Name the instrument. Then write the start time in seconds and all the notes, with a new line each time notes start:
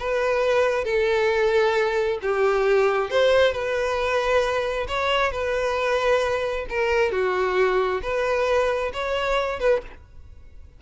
violin
0.00 B4
0.85 A4
2.22 G4
3.11 C5
3.53 B4
4.88 C#5
5.32 B4
6.70 A#4
7.12 F#4
8.03 B4
8.94 C#5
9.60 B4